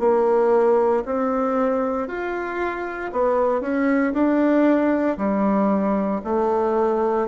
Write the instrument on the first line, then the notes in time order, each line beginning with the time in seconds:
bassoon
0.00 A#3
1.06 C4
2.08 F4
3.12 B3
3.61 C#4
4.14 D4
5.18 G3
6.24 A3